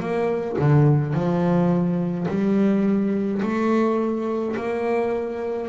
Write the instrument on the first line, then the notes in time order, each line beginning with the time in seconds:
double bass
0.00 A#3
0.58 D3
1.13 F3
2.28 G3
3.42 A3
4.56 A#3